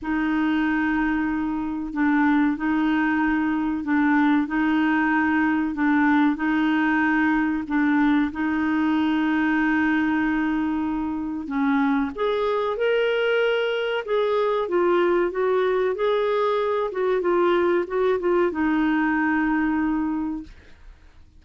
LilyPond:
\new Staff \with { instrumentName = "clarinet" } { \time 4/4 \tempo 4 = 94 dis'2. d'4 | dis'2 d'4 dis'4~ | dis'4 d'4 dis'2 | d'4 dis'2.~ |
dis'2 cis'4 gis'4 | ais'2 gis'4 f'4 | fis'4 gis'4. fis'8 f'4 | fis'8 f'8 dis'2. | }